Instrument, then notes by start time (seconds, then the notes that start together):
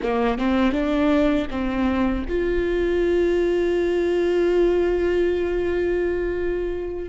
viola
0.02 A#3
0.38 C4
0.72 D4
1.50 C4
2.28 F4